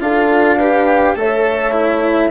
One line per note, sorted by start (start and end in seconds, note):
0.00 1.15 D4
0.00 0.58 F4
0.00 0.57 A4
0.00 1.17 F5
0.57 1.16 G4
0.57 1.15 B4
1.15 2.31 A3
1.15 1.71 A4
1.15 2.31 C#5
1.15 2.31 E5
1.71 2.29 E4